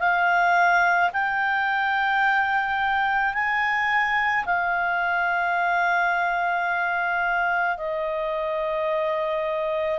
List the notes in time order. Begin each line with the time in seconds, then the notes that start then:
0.00 F5
1.13 G5
3.34 G#5
4.46 F5
7.78 D#5